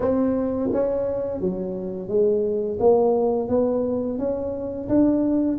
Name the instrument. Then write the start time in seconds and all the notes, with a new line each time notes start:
tuba
0.00 C4
0.72 C#4
1.40 F#3
2.08 G#3
2.79 A#3
3.48 B3
4.18 C#4
4.88 D4